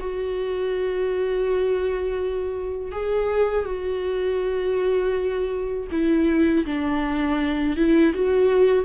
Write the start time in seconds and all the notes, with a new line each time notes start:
0.00 F#4
2.92 G#4
3.65 F#4
5.92 E4
6.66 D4
7.77 E4
8.14 F#4